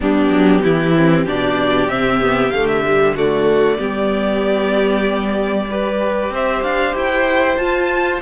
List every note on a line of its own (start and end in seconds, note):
0.00 0.29 G3
0.00 0.92 B3
0.00 0.63 D4
0.00 1.28 G4
0.29 0.60 F#3
0.63 1.26 E3
0.63 1.24 E4
0.96 1.27 C4
1.24 1.86 B2
1.24 1.88 D4
1.24 3.13 G4
1.24 1.89 D5
1.86 2.50 C3
1.86 2.20 C4
1.86 2.50 E5
2.21 2.52 B3
2.50 3.78 D3
2.50 2.84 A3
2.50 2.66 F5
2.67 3.14 E5
2.86 3.15 G3
3.14 3.78 A3
3.14 3.77 F#4
3.14 6.33 D5
3.78 6.30 G3
3.78 5.68 B3
3.78 5.67 G4
5.68 7.57 G4
5.68 6.33 B4
6.30 6.61 C4
6.30 8.21 C5
6.30 6.63 E5
6.62 6.94 D4
6.62 6.94 F5
6.94 7.57 E4
6.94 7.57 G5
7.57 8.20 F4
7.57 8.21 F4
7.57 8.20 A5